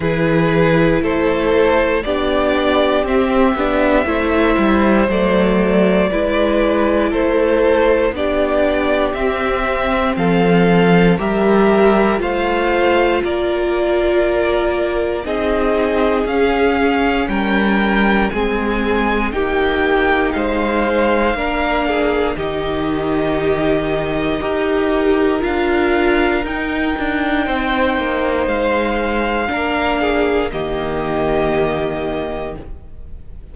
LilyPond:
<<
  \new Staff \with { instrumentName = "violin" } { \time 4/4 \tempo 4 = 59 b'4 c''4 d''4 e''4~ | e''4 d''2 c''4 | d''4 e''4 f''4 e''4 | f''4 d''2 dis''4 |
f''4 g''4 gis''4 g''4 | f''2 dis''2~ | dis''4 f''4 g''2 | f''2 dis''2 | }
  \new Staff \with { instrumentName = "violin" } { \time 4/4 gis'4 a'4 g'2 | c''2 b'4 a'4 | g'2 a'4 ais'4 | c''4 ais'2 gis'4~ |
gis'4 ais'4 gis'4 g'4 | c''4 ais'8 gis'8 g'2 | ais'2. c''4~ | c''4 ais'8 gis'8 g'2 | }
  \new Staff \with { instrumentName = "viola" } { \time 4/4 e'2 d'4 c'8 d'8 | e'4 a4 e'2 | d'4 c'2 g'4 | f'2. dis'4 |
cis'2 c'4 dis'4~ | dis'4 d'4 dis'2 | g'4 f'4 dis'2~ | dis'4 d'4 ais2 | }
  \new Staff \with { instrumentName = "cello" } { \time 4/4 e4 a4 b4 c'8 b8 | a8 g8 fis4 gis4 a4 | b4 c'4 f4 g4 | a4 ais2 c'4 |
cis'4 g4 gis4 ais4 | gis4 ais4 dis2 | dis'4 d'4 dis'8 d'8 c'8 ais8 | gis4 ais4 dis2 | }
>>